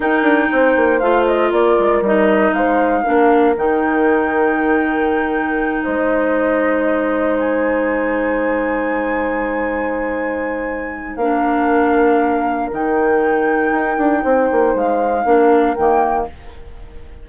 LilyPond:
<<
  \new Staff \with { instrumentName = "flute" } { \time 4/4 \tempo 4 = 118 g''2 f''8 dis''8 d''4 | dis''4 f''2 g''4~ | g''2.~ g''8 dis''8~ | dis''2~ dis''8 gis''4.~ |
gis''1~ | gis''2 f''2~ | f''4 g''2.~ | g''4 f''2 g''4 | }
  \new Staff \with { instrumentName = "horn" } { \time 4/4 ais'4 c''2 ais'4~ | ais'4 c''4 ais'2~ | ais'2.~ ais'8 c''8~ | c''1~ |
c''1~ | c''2 ais'2~ | ais'1 | c''2 ais'2 | }
  \new Staff \with { instrumentName = "clarinet" } { \time 4/4 dis'2 f'2 | dis'2 d'4 dis'4~ | dis'1~ | dis'1~ |
dis'1~ | dis'2 d'2~ | d'4 dis'2.~ | dis'2 d'4 ais4 | }
  \new Staff \with { instrumentName = "bassoon" } { \time 4/4 dis'8 d'8 c'8 ais8 a4 ais8 gis8 | g4 gis4 ais4 dis4~ | dis2.~ dis8 gis8~ | gis1~ |
gis1~ | gis2 ais2~ | ais4 dis2 dis'8 d'8 | c'8 ais8 gis4 ais4 dis4 | }
>>